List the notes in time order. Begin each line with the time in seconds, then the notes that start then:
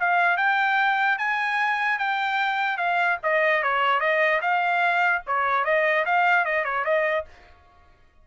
0.00 F5
0.37 G5
1.18 G#5
1.99 G5
2.77 F5
3.23 D#5
3.63 C#5
4.00 D#5
4.41 F5
5.27 C#5
5.65 D#5
6.06 F5
6.45 D#5
6.65 C#5
6.85 D#5